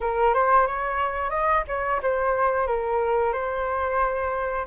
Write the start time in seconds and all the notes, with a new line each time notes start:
0.00 A#4
0.34 C5
0.67 C#5
1.30 D#5
1.67 C#5
2.02 C5
2.67 A#4
3.32 C5